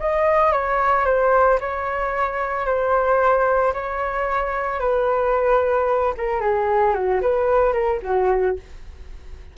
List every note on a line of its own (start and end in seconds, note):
0.00 0.52 D#5
0.52 1.06 C#5
1.06 1.59 C5
1.60 2.66 C#5
2.66 3.73 C5
3.73 4.80 C#5
4.80 6.14 B4
6.17 6.40 A#4
6.40 6.94 G#4
6.94 7.21 F#4
7.21 7.73 B4
7.73 8.00 A#4
8.03 8.56 F#4